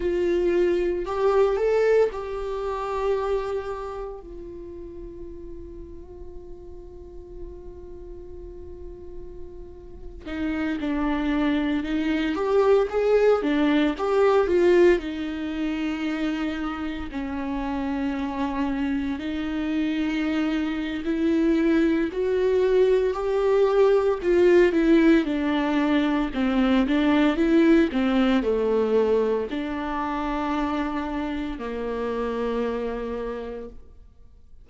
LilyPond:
\new Staff \with { instrumentName = "viola" } { \time 4/4 \tempo 4 = 57 f'4 g'8 a'8 g'2 | f'1~ | f'4.~ f'16 dis'8 d'4 dis'8 g'16~ | g'16 gis'8 d'8 g'8 f'8 dis'4.~ dis'16~ |
dis'16 cis'2 dis'4.~ dis'16 | e'4 fis'4 g'4 f'8 e'8 | d'4 c'8 d'8 e'8 c'8 a4 | d'2 ais2 | }